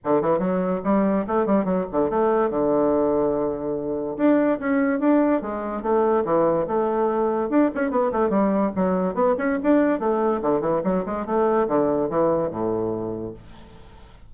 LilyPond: \new Staff \with { instrumentName = "bassoon" } { \time 4/4 \tempo 4 = 144 d8 e8 fis4 g4 a8 g8 | fis8 d8 a4 d2~ | d2 d'4 cis'4 | d'4 gis4 a4 e4 |
a2 d'8 cis'8 b8 a8 | g4 fis4 b8 cis'8 d'4 | a4 d8 e8 fis8 gis8 a4 | d4 e4 a,2 | }